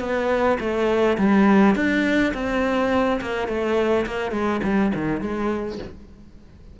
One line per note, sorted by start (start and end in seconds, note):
0.00 0.58 B3
0.60 1.17 A3
1.18 1.75 G3
1.75 2.33 D4
2.34 3.20 C4
3.21 3.48 A#3
3.48 4.06 A3
4.06 4.32 A#3
4.32 4.60 G#3
4.63 4.92 G3
4.95 5.21 D#3
5.21 5.78 G#3